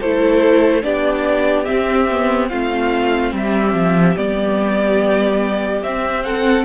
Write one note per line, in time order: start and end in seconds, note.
0.00 0.84 A3
0.00 0.83 E4
0.00 0.83 A4
0.00 0.84 C5
0.83 1.67 B3
0.83 1.66 D4
0.83 2.50 G4
0.83 1.65 D5
1.65 2.08 C4
1.65 2.49 E5
1.72 2.52 C4
2.11 2.50 B3
2.49 3.33 A3
2.49 4.17 C4
2.49 3.33 F4
2.49 3.32 F5
3.33 3.74 G3
3.33 6.25 G4
3.33 4.17 E5
3.74 4.16 F3
4.17 5.83 G3
4.17 5.84 B3
4.17 5.83 D5
5.83 6.66 C4
5.83 6.24 E5
6.24 6.66 A4
6.24 6.65 F#5